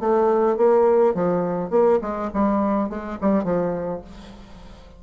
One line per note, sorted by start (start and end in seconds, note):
0.00 0.57 A3
0.57 1.15 A#3
1.15 1.71 F3
1.71 2.00 A#3
2.02 2.31 G#3
2.34 2.90 G3
2.90 3.19 G#3
3.22 3.44 G3
3.44 4.02 F3